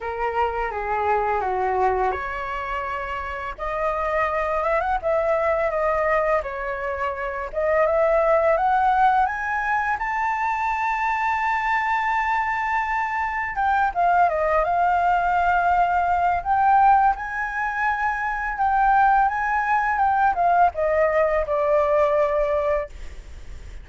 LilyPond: \new Staff \with { instrumentName = "flute" } { \time 4/4 \tempo 4 = 84 ais'4 gis'4 fis'4 cis''4~ | cis''4 dis''4. e''16 fis''16 e''4 | dis''4 cis''4. dis''8 e''4 | fis''4 gis''4 a''2~ |
a''2. g''8 f''8 | dis''8 f''2~ f''8 g''4 | gis''2 g''4 gis''4 | g''8 f''8 dis''4 d''2 | }